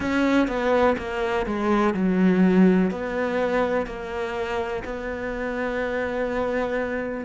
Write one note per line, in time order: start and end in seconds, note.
0.00 0.48 C#4
0.48 0.96 B3
0.98 1.46 A#3
1.46 1.94 G#3
1.94 2.90 F#3
2.90 3.86 B3
3.86 4.83 A#3
4.84 7.24 B3